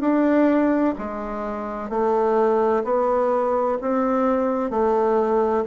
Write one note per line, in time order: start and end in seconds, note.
0.00 0.94 D4
0.98 1.89 G#3
1.89 2.83 A3
2.84 3.78 B3
3.81 4.70 C4
4.70 5.64 A3